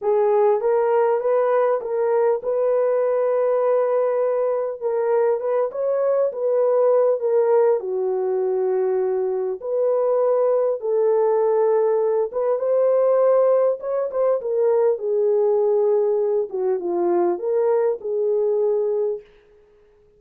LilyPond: \new Staff \with { instrumentName = "horn" } { \time 4/4 \tempo 4 = 100 gis'4 ais'4 b'4 ais'4 | b'1 | ais'4 b'8 cis''4 b'4. | ais'4 fis'2. |
b'2 a'2~ | a'8 b'8 c''2 cis''8 c''8 | ais'4 gis'2~ gis'8 fis'8 | f'4 ais'4 gis'2 | }